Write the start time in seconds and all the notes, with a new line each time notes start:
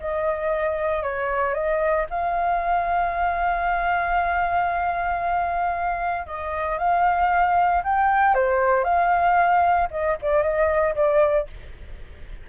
0.00 D#5
1.03 C#5
1.54 D#5
2.10 F5
6.26 D#5
6.78 F5
7.84 G5
8.34 C5
8.84 F5
9.91 D#5
10.22 D5
10.43 D#5
10.95 D5